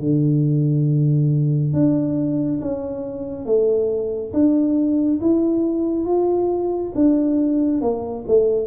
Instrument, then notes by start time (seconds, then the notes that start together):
tuba
0.00 D3
1.74 D4
2.61 C#4
3.46 A3
4.33 D4
5.21 E4
6.06 F4
6.95 D4
7.81 A#3
8.28 A3